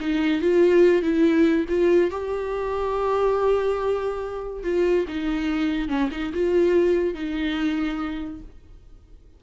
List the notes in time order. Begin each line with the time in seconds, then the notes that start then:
0.00 D#4
0.41 F4
1.02 E4
1.68 F4
2.10 G4
4.63 F4
5.08 D#4
5.88 C#4
6.11 D#4
6.33 F4
7.14 D#4